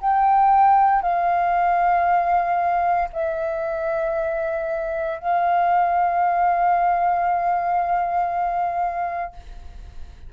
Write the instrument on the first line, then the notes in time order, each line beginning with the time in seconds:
flute
0.00 G5
1.02 F5
3.13 E5
5.19 F5